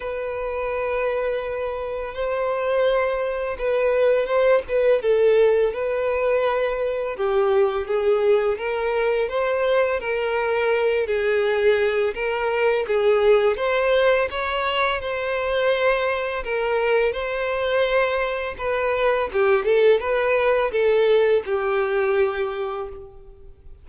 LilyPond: \new Staff \with { instrumentName = "violin" } { \time 4/4 \tempo 4 = 84 b'2. c''4~ | c''4 b'4 c''8 b'8 a'4 | b'2 g'4 gis'4 | ais'4 c''4 ais'4. gis'8~ |
gis'4 ais'4 gis'4 c''4 | cis''4 c''2 ais'4 | c''2 b'4 g'8 a'8 | b'4 a'4 g'2 | }